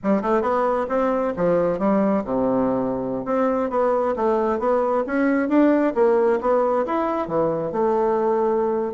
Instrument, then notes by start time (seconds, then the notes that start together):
bassoon
0.03 G3
0.22 A3
0.41 B3
0.89 C4
1.36 F3
1.78 G3
2.24 C3
3.25 C4
3.70 B3
4.15 A3
4.59 B3
5.06 C#4
5.48 D4
5.94 A#3
6.41 B3
6.85 E4
7.27 E3
7.72 A3